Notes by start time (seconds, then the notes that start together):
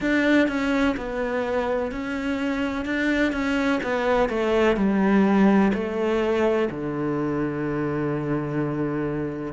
0.00 D4
0.48 C#4
0.96 B3
1.91 C#4
2.85 D4
3.32 C#4
3.83 B3
4.29 A3
4.76 G3
5.73 A3
6.70 D3